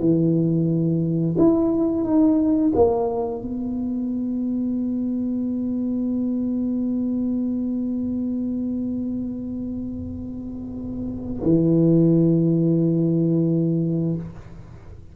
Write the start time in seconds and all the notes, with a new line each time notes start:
0.00 E3
1.38 E4
2.05 D#4
2.76 A#3
3.42 B3
11.43 E3